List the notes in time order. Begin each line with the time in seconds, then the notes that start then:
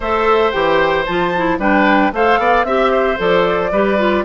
0.00 A3 A4 C5 E5
0.51 E3 G4 G5
1.05 F3 F4 A5
1.37 E4
1.58 G3 D4 B4 G5
2.12 A3 A4 C5 F5
2.38 B3 D5
2.64 C4 G4 E5
2.91 C5
3.16 F3 A4 D5
3.71 G3 G4 B4
3.98 F4